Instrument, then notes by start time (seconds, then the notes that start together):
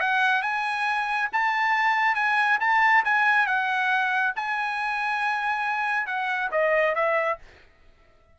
trumpet
0.00 F#5
0.42 G#5
1.32 A5
2.15 G#5
2.60 A5
3.05 G#5
3.46 F#5
4.36 G#5
6.06 F#5
6.51 D#5
6.95 E5